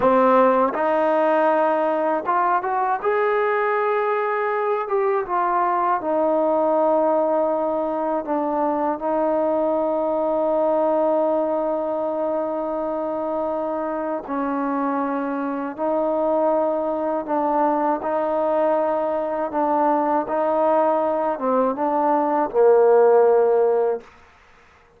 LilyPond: \new Staff \with { instrumentName = "trombone" } { \time 4/4 \tempo 4 = 80 c'4 dis'2 f'8 fis'8 | gis'2~ gis'8 g'8 f'4 | dis'2. d'4 | dis'1~ |
dis'2. cis'4~ | cis'4 dis'2 d'4 | dis'2 d'4 dis'4~ | dis'8 c'8 d'4 ais2 | }